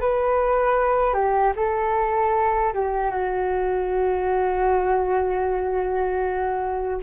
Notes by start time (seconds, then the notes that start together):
0.00 B4
1.13 G4
1.56 A4
2.73 G4
3.11 F#4